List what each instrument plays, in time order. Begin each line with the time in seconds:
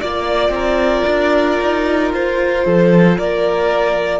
0.00 cello A#3, viola F4, violin D5
0.49 cello C4, violin A#4
1.07 cello D4
1.61 cello D#4
2.13 cello F4, violin C5
2.65 cello F3, violin A4
3.18 cello A#3, violin A#4 D5